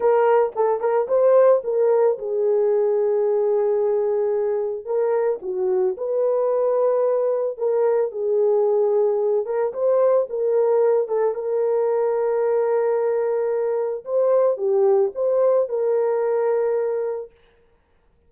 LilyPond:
\new Staff \with { instrumentName = "horn" } { \time 4/4 \tempo 4 = 111 ais'4 a'8 ais'8 c''4 ais'4 | gis'1~ | gis'4 ais'4 fis'4 b'4~ | b'2 ais'4 gis'4~ |
gis'4. ais'8 c''4 ais'4~ | ais'8 a'8 ais'2.~ | ais'2 c''4 g'4 | c''4 ais'2. | }